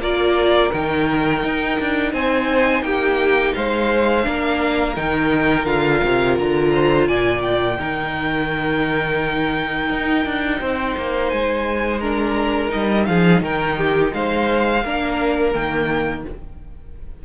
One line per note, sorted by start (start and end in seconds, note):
0.00 0.71 A#3
0.00 0.72 F4
0.00 2.13 A#4
0.00 0.72 D5
0.72 1.44 D#3
0.72 4.24 D#4
0.72 2.13 G5
1.44 1.79 D#4
1.81 2.13 D4
2.13 2.82 C4
2.13 2.84 C5
2.13 2.83 G#5
2.82 3.53 A#3
2.82 3.56 G4
2.82 3.54 G5
3.54 4.27 G#3
3.54 4.27 C5
3.54 4.96 F5
4.24 4.97 A#3
4.24 4.94 D4
4.24 6.73 A#4
4.96 5.66 D#3
4.96 5.66 D#4
4.96 5.66 G5
5.66 6.02 D3
5.66 7.78 F4
5.66 6.36 F5
6.04 6.39 C3
6.39 7.09 D3
6.39 7.08 A#5
6.73 7.08 C5
7.08 7.80 A#2
7.08 7.79 D5
7.08 7.42 G#5
7.42 11.29 G5
7.79 9.90 D#3
7.79 12.02 D#4
7.79 10.61 A#4
9.90 10.26 D#4
10.26 10.61 D4
10.61 10.97 C4
10.61 12.02 C5
10.97 11.32 A#3
11.29 12.74 G#3
11.29 12.00 G#5
12.00 12.69 D4
12.00 13.08 A#4
12.00 12.71 A#5
12.69 13.09 G3
12.69 14.81 D#4
12.69 13.06 D#5
13.06 13.42 F3
13.06 13.43 G#4
13.06 13.41 F5
13.42 14.12 D#3
13.42 13.78 A#4
13.42 14.14 G5
13.78 14.13 G4
14.14 14.84 G#3
14.14 14.85 C5
14.14 15.54 F5
14.84 15.55 A#3
14.84 15.54 D4
14.84 16.26 A#4
15.54 16.26 D#3
15.54 16.24 A#3
15.54 16.24 G5